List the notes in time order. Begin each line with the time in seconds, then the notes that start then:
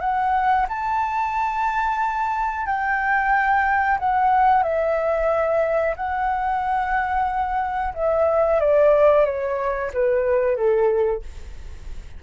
0.00 F#5
0.69 A5
2.66 G5
3.99 F#5
4.63 E5
5.96 F#5
7.94 E5
8.60 D5
9.25 C#5
9.93 B4
10.56 A4